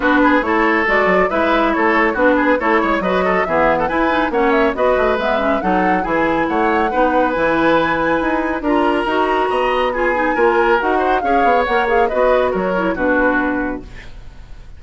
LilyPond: <<
  \new Staff \with { instrumentName = "flute" } { \time 4/4 \tempo 4 = 139 b'4 cis''4 d''4 e''4 | cis''4 b'4 cis''4 dis''4 | e''8. fis''16 gis''4 fis''8 e''8 dis''4 | e''4 fis''4 gis''4 fis''4~ |
fis''4 gis''2. | ais''2. gis''4~ | gis''4 fis''4 f''4 fis''8 f''8 | dis''4 cis''4 b'2 | }
  \new Staff \with { instrumentName = "oboe" } { \time 4/4 fis'8 gis'8 a'2 b'4 | a'4 fis'8 gis'8 a'8 cis''8 b'8 a'8 | gis'8. a'16 b'4 cis''4 b'4~ | b'4 a'4 gis'4 cis''4 |
b'1 | ais'2 dis''4 gis'4 | ais'4. c''8 cis''2 | b'4 ais'4 fis'2 | }
  \new Staff \with { instrumentName = "clarinet" } { \time 4/4 d'4 e'4 fis'4 e'4~ | e'4 d'4 e'4 fis'4 | b4 e'8 dis'8 cis'4 fis'4 | b8 cis'8 dis'4 e'2 |
dis'4 e'2. | f'4 fis'2 f'8 dis'8 | f'4 fis'4 gis'4 ais'8 gis'8 | fis'4. e'8 d'2 | }
  \new Staff \with { instrumentName = "bassoon" } { \time 4/4 b4 a4 gis8 fis8 gis4 | a4 b4 a8 gis8 fis4 | e4 e'4 ais4 b8 a8 | gis4 fis4 e4 a4 |
b4 e2 dis'4 | d'4 dis'4 b2 | ais4 dis'4 cis'8 b8 ais4 | b4 fis4 b,2 | }
>>